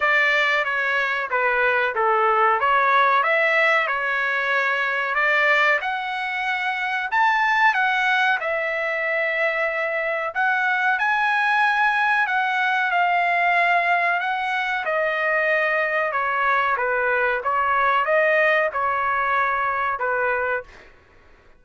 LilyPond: \new Staff \with { instrumentName = "trumpet" } { \time 4/4 \tempo 4 = 93 d''4 cis''4 b'4 a'4 | cis''4 e''4 cis''2 | d''4 fis''2 a''4 | fis''4 e''2. |
fis''4 gis''2 fis''4 | f''2 fis''4 dis''4~ | dis''4 cis''4 b'4 cis''4 | dis''4 cis''2 b'4 | }